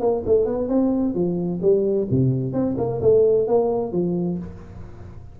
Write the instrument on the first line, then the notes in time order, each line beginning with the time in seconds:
tuba
0.00 A#3
0.26 A3
0.46 B3
0.68 C4
1.15 F3
1.62 G3
2.11 C3
2.53 C4
2.77 A#3
3.01 A3
3.47 A#3
3.92 F3